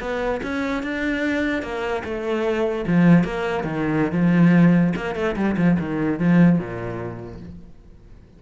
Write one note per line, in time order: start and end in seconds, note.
0.00 0.41 B3
0.43 0.83 C#4
0.83 1.62 D4
1.62 2.02 A#3
2.04 2.85 A3
2.87 3.24 F3
3.24 3.63 A#3
3.63 4.12 D#3
4.12 4.93 F3
4.96 5.15 A#3
5.15 5.35 A3
5.36 5.56 G3
5.57 5.77 F3
5.79 6.19 D#3
6.19 6.58 F3
6.58 7.39 A#2